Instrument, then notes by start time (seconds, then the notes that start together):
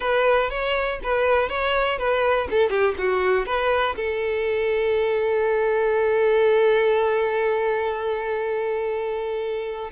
violin
0.00 B4
0.50 C#5
1.03 B4
1.49 C#5
1.98 B4
2.50 A4
2.69 G4
2.98 F#4
3.46 B4
3.95 A4